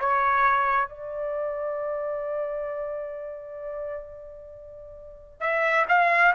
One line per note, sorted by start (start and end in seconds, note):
0.00 0.88 C#5
0.88 5.40 D5
5.40 5.86 E5
5.89 6.34 F5